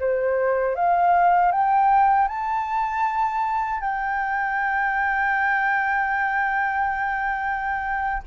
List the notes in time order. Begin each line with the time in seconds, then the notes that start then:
0.00 C5
0.76 F5
1.52 G5
2.29 A5
3.81 G5